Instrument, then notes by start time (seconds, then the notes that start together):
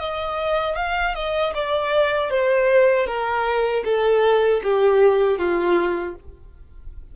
violin
0.00 D#5
0.77 F5
1.15 D#5
1.55 D5
2.31 C5
3.07 A#4
3.85 A4
4.64 G4
5.38 F4